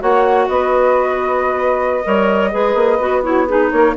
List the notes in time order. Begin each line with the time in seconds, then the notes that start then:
0.00 A#3 F#4 C#5 F#5
0.48 B3 B4 D#5
2.05 G3 A#4 C#5
2.52 G#3 G#4 B4
2.75 A#3
3.00 B3 F#4
3.23 E4 F#4 C#5
3.48 D#4 G#4 B4
3.72 A#3 A#4 C#5